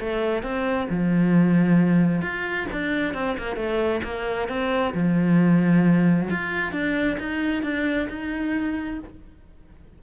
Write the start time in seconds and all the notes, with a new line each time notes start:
0.00 A3
0.43 C4
0.90 F3
2.22 F4
2.72 D4
3.15 C4
3.38 A#3
3.56 A3
4.04 A#3
4.49 C4
4.94 F3
6.30 F4
6.72 D4
7.20 D#4
7.63 D4
8.10 D#4